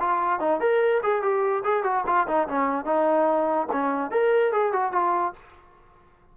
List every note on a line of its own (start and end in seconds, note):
0.00 0.40 F4
0.40 0.61 D#4
0.61 1.02 A#4
1.03 1.22 G#4
1.22 1.63 G4
1.65 1.84 G#4
1.84 2.04 F#4
2.07 2.28 F4
2.28 2.48 D#4
2.48 2.85 C#4
2.85 3.68 D#4
3.72 4.11 C#4
4.11 4.52 A#4
4.52 4.73 G#4
4.73 4.93 F#4
4.93 5.34 F4